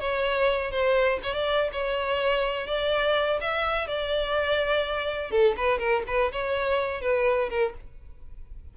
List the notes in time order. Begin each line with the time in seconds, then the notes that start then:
0.00 C#5
0.71 C5
1.23 C#5
1.34 D5
1.72 C#5
2.67 D5
3.41 E5
3.87 D5
5.31 A4
5.56 B4
5.78 A#4
6.07 B4
6.32 C#5
7.01 B4
7.49 A#4